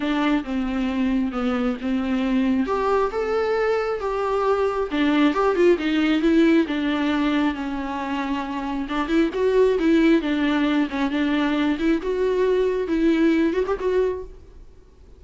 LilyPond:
\new Staff \with { instrumentName = "viola" } { \time 4/4 \tempo 4 = 135 d'4 c'2 b4 | c'2 g'4 a'4~ | a'4 g'2 d'4 | g'8 f'8 dis'4 e'4 d'4~ |
d'4 cis'2. | d'8 e'8 fis'4 e'4 d'4~ | d'8 cis'8 d'4. e'8 fis'4~ | fis'4 e'4. fis'16 g'16 fis'4 | }